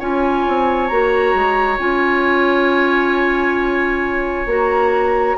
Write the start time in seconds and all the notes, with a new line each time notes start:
0.00 C#4 F4 C#5 G#5
0.49 C4
0.88 A#3 F#4 A#5
1.35 G#3
1.79 C#4 F4 G#5
4.46 A#3 F#4 A#5